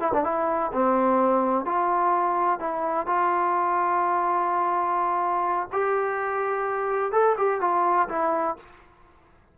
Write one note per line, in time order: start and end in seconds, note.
0.00 0.12 E4
0.13 0.24 D4
0.24 0.71 E4
0.73 1.65 C4
1.65 2.60 F4
2.60 3.06 E4
3.06 5.68 F4
5.72 7.12 G4
7.12 7.36 A4
7.37 7.61 G4
7.61 8.08 F4
8.09 8.56 E4